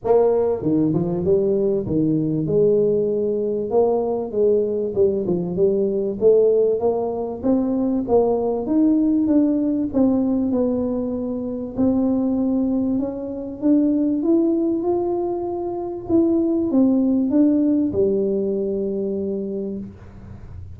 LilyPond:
\new Staff \with { instrumentName = "tuba" } { \time 4/4 \tempo 4 = 97 ais4 dis8 f8 g4 dis4 | gis2 ais4 gis4 | g8 f8 g4 a4 ais4 | c'4 ais4 dis'4 d'4 |
c'4 b2 c'4~ | c'4 cis'4 d'4 e'4 | f'2 e'4 c'4 | d'4 g2. | }